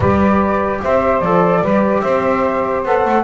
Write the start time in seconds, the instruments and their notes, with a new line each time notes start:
0.00 double bass G3, trombone G4, saxophone B4, flute D5
0.82 double bass C4, saxophone C5, flute E5
1.20 double bass F3, trombone A4, flute D5
1.62 double bass G3, trombone G4, saxophone B4
2.01 double bass C4, saxophone C5, flute E5
2.84 double bass B3, trombone A4, flute F#5
3.05 double bass A3